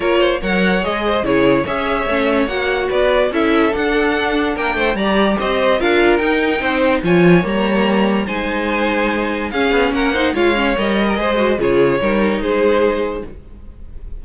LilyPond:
<<
  \new Staff \with { instrumentName = "violin" } { \time 4/4 \tempo 4 = 145 cis''4 fis''4 dis''4 cis''4 | e''2 fis''4 d''4 | e''4 fis''2 g''4 | ais''4 dis''4 f''4 g''4~ |
g''4 gis''4 ais''2 | gis''2. f''4 | fis''4 f''4 dis''2 | cis''2 c''2 | }
  \new Staff \with { instrumentName = "violin" } { \time 4/4 ais'8 c''8 cis''4. c''8 gis'4 | cis''2. b'4 | a'2. ais'8 c''8 | d''4 c''4 ais'2 |
c''4 cis''2. | c''2. gis'4 | ais'8 c''8 cis''4.~ cis''16 ais'16 c''4 | gis'4 ais'4 gis'2 | }
  \new Staff \with { instrumentName = "viola" } { \time 4/4 f'4 ais'4 gis'4 e'4 | gis'4 cis'4 fis'2 | e'4 d'2. | g'2 f'4 dis'4~ |
dis'4 f'4 ais2 | dis'2. cis'4~ | cis'8 dis'8 f'8 cis'8 ais'4 gis'8 fis'8 | f'4 dis'2. | }
  \new Staff \with { instrumentName = "cello" } { \time 4/4 ais4 fis4 gis4 cis4 | cis'4 a4 ais4 b4 | cis'4 d'2 ais8 a8 | g4 c'4 d'4 dis'4 |
c'4 f4 g2 | gis2. cis'8 b8 | ais4 gis4 g4 gis4 | cis4 g4 gis2 | }
>>